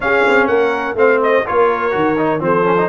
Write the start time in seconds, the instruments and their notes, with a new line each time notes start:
0.00 tuba C#4, trombone C#4, horn G#4, trumpet F5
0.27 tuba C4
0.47 tuba A#3, horn A#4, trumpet F#5
0.94 tuba A3, trombone C4, horn C5, trumpet F5
1.22 trumpet D#5
1.46 tuba A#3, trombone F4, horn A#4, trumpet C#5
1.91 tuba D#3, trombone F#4
2.18 trombone D#4
2.39 tuba F3, trombone C4, horn A4, trumpet C5
2.64 trombone C#4
2.78 trombone D#4